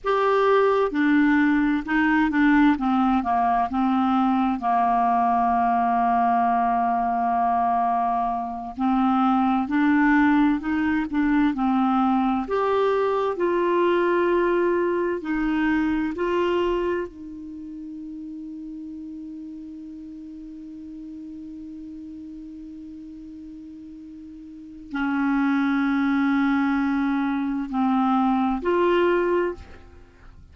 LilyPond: \new Staff \with { instrumentName = "clarinet" } { \time 4/4 \tempo 4 = 65 g'4 d'4 dis'8 d'8 c'8 ais8 | c'4 ais2.~ | ais4. c'4 d'4 dis'8 | d'8 c'4 g'4 f'4.~ |
f'8 dis'4 f'4 dis'4.~ | dis'1~ | dis'2. cis'4~ | cis'2 c'4 f'4 | }